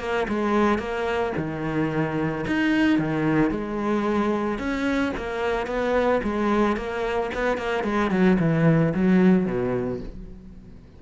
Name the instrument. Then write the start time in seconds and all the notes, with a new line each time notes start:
cello
0.00 A#3
0.29 G#3
0.79 A#3
1.37 D#3
2.47 D#4
2.99 D#3
3.51 G#3
4.59 C#4
5.17 A#3
5.67 B3
6.23 G#3
6.77 A#3
7.34 B3
7.57 A#3
7.84 G#3
8.11 F#3
8.40 E3
8.94 F#3
9.46 B2